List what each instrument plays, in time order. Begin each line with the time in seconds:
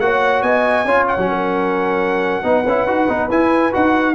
0.00 tuba A#3, trombone F#4, horn C#5, trumpet F#5
0.42 tuba B3, horn D#5, trumpet G#5
0.85 tuba C#4, trombone F4, horn C#5
1.08 trumpet F#5
1.18 tuba F#3, trombone C#4
1.29 horn A#4
2.43 tuba B3, trombone D#4, horn B4
2.66 tuba C#4, trombone E4
2.87 tuba D#4, trombone F#4
3.09 tuba B3, trombone D#4
3.30 tuba E4, trombone E4, trumpet G#5
3.73 tuba D#4, trombone F#4, trumpet F#5